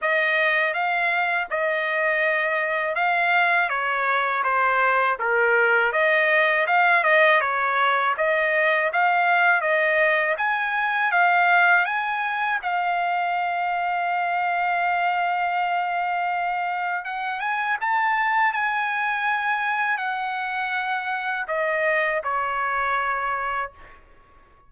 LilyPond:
\new Staff \with { instrumentName = "trumpet" } { \time 4/4 \tempo 4 = 81 dis''4 f''4 dis''2 | f''4 cis''4 c''4 ais'4 | dis''4 f''8 dis''8 cis''4 dis''4 | f''4 dis''4 gis''4 f''4 |
gis''4 f''2.~ | f''2. fis''8 gis''8 | a''4 gis''2 fis''4~ | fis''4 dis''4 cis''2 | }